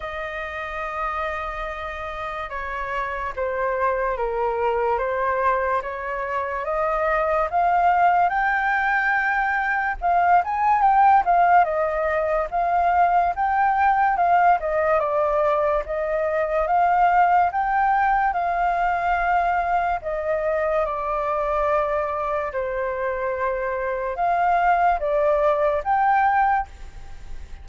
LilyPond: \new Staff \with { instrumentName = "flute" } { \time 4/4 \tempo 4 = 72 dis''2. cis''4 | c''4 ais'4 c''4 cis''4 | dis''4 f''4 g''2 | f''8 gis''8 g''8 f''8 dis''4 f''4 |
g''4 f''8 dis''8 d''4 dis''4 | f''4 g''4 f''2 | dis''4 d''2 c''4~ | c''4 f''4 d''4 g''4 | }